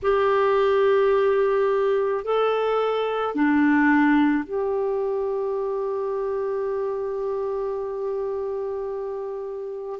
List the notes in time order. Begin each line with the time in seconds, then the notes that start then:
0.02 G4
2.24 A4
3.34 D4
4.43 G4